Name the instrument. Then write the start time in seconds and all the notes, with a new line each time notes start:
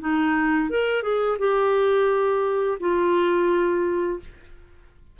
clarinet
0.00 D#4
0.69 A#4
1.02 G#4
1.39 G4
2.80 F4